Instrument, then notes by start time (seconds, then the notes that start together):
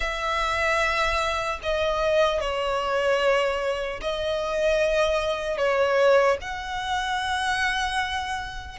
violin
0.00 E5
1.62 D#5
2.40 C#5
4.01 D#5
5.57 C#5
6.41 F#5